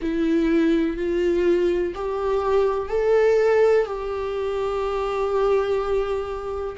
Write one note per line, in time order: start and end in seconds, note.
0.01 0.97 E4
0.97 1.94 F4
1.94 2.88 G4
2.88 3.85 A4
3.85 6.76 G4